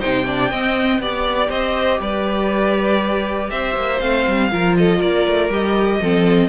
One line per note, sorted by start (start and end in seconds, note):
0.00 0.51 C3
0.00 0.25 D#4
0.00 0.25 C5
0.00 1.01 G5
0.27 0.52 D4
0.27 0.51 D5
0.51 0.99 C4
0.51 1.02 C4
0.51 1.01 D#5
0.99 1.49 B3
0.99 4.00 G4
0.99 1.49 D5
0.99 1.50 D5
1.49 2.00 C4
1.49 1.99 C5
1.49 2.00 D#5
2.00 3.50 G3
2.00 3.51 B4
2.00 3.50 D5
3.50 3.76 C4
3.50 4.51 C5
3.50 4.00 E5
3.76 4.01 A#3
4.00 4.26 A3
4.00 4.50 C4
4.00 4.76 F5
4.27 4.52 G3
4.51 5.02 F3
4.51 5.51 F4
4.51 4.78 A#4
4.77 4.98 A4
4.77 5.02 D#5
4.98 5.27 A#3
4.98 5.98 A#4
4.98 5.52 D5
5.28 5.50 A3
5.50 6.00 G3
5.50 6.01 G4
5.50 6.49 D#5
6.02 6.49 F3
6.02 6.49 C4
6.02 6.49 A4